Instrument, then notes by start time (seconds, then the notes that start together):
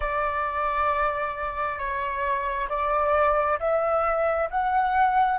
flute
0.00 D5
1.78 C#5
2.69 D5
3.59 E5
4.50 F#5